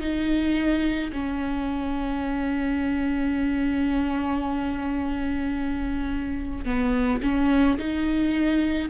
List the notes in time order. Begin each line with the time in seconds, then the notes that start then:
0.00 D#4
1.13 C#4
6.65 B3
7.22 C#4
7.78 D#4